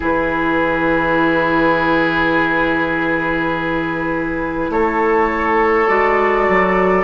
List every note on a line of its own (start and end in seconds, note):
0.00 4.69 E3
0.00 5.86 E4
0.00 4.70 G#4
0.00 4.72 B4
4.69 5.87 A3
4.69 7.04 A4
4.69 5.87 C#5
5.87 6.47 G#3
5.87 7.04 F#4
5.87 7.04 D5
6.49 7.04 F#3